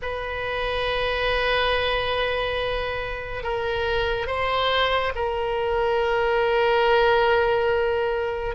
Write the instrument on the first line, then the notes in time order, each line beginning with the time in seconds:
oboe
0.02 B4
3.43 A#4
4.26 C5
5.15 A#4